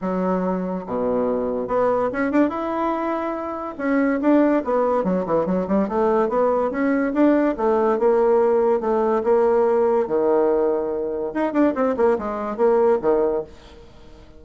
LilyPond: \new Staff \with { instrumentName = "bassoon" } { \time 4/4 \tempo 4 = 143 fis2 b,2 | b4 cis'8 d'8 e'2~ | e'4 cis'4 d'4 b4 | fis8 e8 fis8 g8 a4 b4 |
cis'4 d'4 a4 ais4~ | ais4 a4 ais2 | dis2. dis'8 d'8 | c'8 ais8 gis4 ais4 dis4 | }